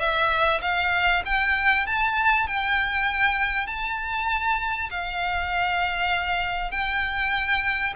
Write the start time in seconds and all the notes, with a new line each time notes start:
0.00 E5
0.62 F5
1.26 G5
1.87 A5
2.47 G5
3.67 A5
4.91 F5
6.72 G5